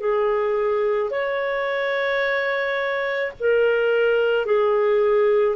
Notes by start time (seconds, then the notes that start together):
0.00 G#4
1.10 C#5
3.39 A#4
4.45 G#4